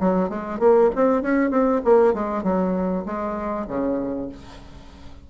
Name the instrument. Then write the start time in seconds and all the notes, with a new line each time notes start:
bassoon
0.00 F#3
0.29 G#3
0.60 A#3
0.95 C4
1.22 C#4
1.51 C4
1.85 A#3
2.14 G#3
2.44 F#3
3.06 G#3
3.68 C#3